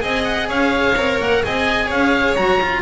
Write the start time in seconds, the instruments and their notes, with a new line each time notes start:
0.00 double bass C4, cello G#4, violin D#5, oboe G#5
0.25 oboe F#5
0.48 double bass C#4, violin C#5, oboe F5
0.96 double bass C4, cello A#4
1.20 double bass A#3, oboe F#5
1.43 double bass C4, cello G#4, violin D#5, oboe G#5
1.86 double bass C#4, violin C#5, oboe F5
2.36 double bass F#3, cello F#4, oboe A#5
2.62 cello F4